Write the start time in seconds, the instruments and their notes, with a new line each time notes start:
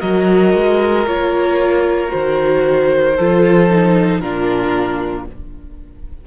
0.00 cello F#3, viola F#4, violin A#4 D#5
0.55 cello G#3
1.07 cello A#3, viola F4, violin C#5
2.07 viola F#4, violin C5
2.14 cello D#3
3.16 cello F3, viola F4, violin A4
3.69 viola D#4
4.20 cello A#2, viola D4, violin F4 A#4